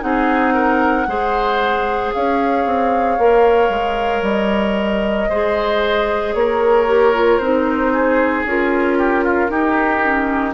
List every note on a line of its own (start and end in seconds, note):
0.00 1.07 C4
0.00 1.05 D#4
0.00 0.54 G#4
0.00 2.12 F#5
0.54 1.06 A#4
1.07 2.12 G#3
1.07 3.18 G#4
1.07 2.14 C5
2.12 2.65 C#4
2.12 5.29 C#5
2.12 4.23 F5
2.65 3.18 C4
3.18 3.69 A#3
3.18 5.30 A#4
3.69 4.21 G#3
4.21 5.27 G3
4.21 6.34 D#5
5.29 6.34 G#3
5.29 6.87 G#4
5.29 6.34 C5
6.34 7.39 A#3
6.34 7.93 A#4
6.34 7.38 C#5
6.87 7.13 G4
7.14 7.40 F4
7.38 8.44 C4
7.38 8.46 D#4
7.38 8.43 C5
7.93 8.98 G#4
8.44 9.50 C#4
8.44 9.48 F4
8.44 10.53 A#4
8.98 9.24 G4
9.24 9.50 F4
9.48 10.00 D#4
9.48 10.53 D#4
9.48 10.53 G4
10.03 10.53 C#4